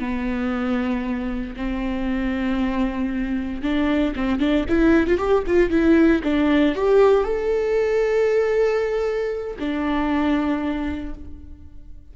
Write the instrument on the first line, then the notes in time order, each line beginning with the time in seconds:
viola
0.00 B3
1.57 C4
3.63 D4
4.16 C4
4.40 D4
4.69 E4
5.08 F4
5.18 G4
5.47 F4
5.70 E4
6.24 D4
6.76 G4
7.24 A4
9.59 D4